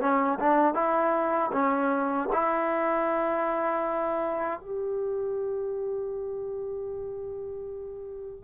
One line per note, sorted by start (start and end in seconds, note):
0.00 0.38 C#4
0.39 0.74 D4
0.74 1.51 E4
1.52 2.29 C#4
2.33 4.60 E4
4.60 8.44 G4